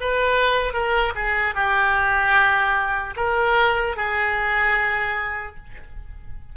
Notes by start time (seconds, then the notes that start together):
0.00 B4
0.73 A#4
1.15 G#4
1.55 G4
3.16 A#4
3.96 G#4